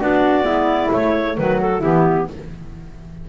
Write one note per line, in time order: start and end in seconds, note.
0.00 0.43 B3
0.00 0.43 D4
0.00 0.45 F#4
0.00 0.92 D5
0.43 0.89 G#3
0.43 0.89 B3
0.43 1.37 E4
0.89 1.35 A3
0.89 1.37 A3
0.89 1.37 C#5
1.36 1.83 D#3
1.36 1.82 F#3
1.36 1.80 F#4
1.36 1.60 B4
1.61 1.82 A4
1.80 2.29 E3
1.80 2.28 B3
1.80 2.26 E4
1.80 2.28 G4